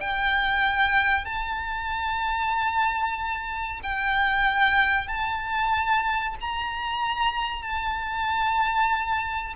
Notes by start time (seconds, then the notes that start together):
0.00 G5
1.25 A5
3.83 G5
5.08 A5
6.41 A#5
7.62 A5